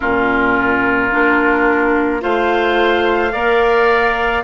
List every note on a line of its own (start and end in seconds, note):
0.00 1.13 A#2
0.00 1.11 C#4
0.00 2.21 F4
0.00 2.22 A#4
1.11 2.23 A#3
1.11 2.20 D4
2.20 3.33 A3
2.20 3.31 F4
2.20 3.32 C5
2.20 4.43 F5
3.32 4.43 A#3
3.32 4.43 A#4
3.32 4.43 D5